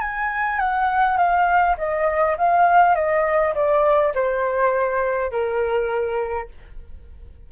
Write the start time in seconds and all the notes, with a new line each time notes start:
0.00 G#5
0.59 F#5
1.17 F5
1.78 D#5
2.37 F5
2.95 D#5
3.55 D5
4.14 C5
5.31 A#4